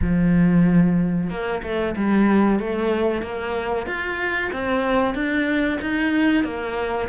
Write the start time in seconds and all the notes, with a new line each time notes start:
0.01 F3
1.29 A#3
1.62 A3
1.95 G3
2.59 A3
3.21 A#3
3.86 F4
4.52 C4
5.14 D4
5.81 D#4
6.44 A#3